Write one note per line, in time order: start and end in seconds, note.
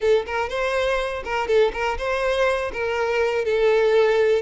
0.00 0.25 A4
0.26 0.49 A#4
0.49 1.23 C5
1.24 1.47 A#4
1.47 1.72 A4
1.73 1.97 A#4
1.98 2.71 C5
2.73 3.44 A#4
3.44 4.42 A4